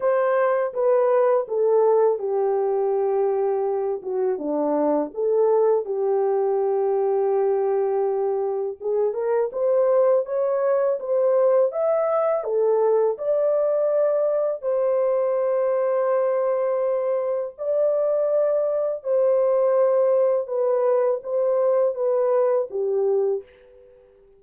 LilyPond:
\new Staff \with { instrumentName = "horn" } { \time 4/4 \tempo 4 = 82 c''4 b'4 a'4 g'4~ | g'4. fis'8 d'4 a'4 | g'1 | gis'8 ais'8 c''4 cis''4 c''4 |
e''4 a'4 d''2 | c''1 | d''2 c''2 | b'4 c''4 b'4 g'4 | }